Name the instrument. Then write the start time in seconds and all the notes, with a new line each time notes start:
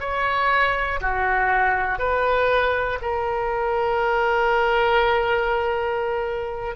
oboe
0.00 C#5
1.00 F#4
1.99 B4
3.02 A#4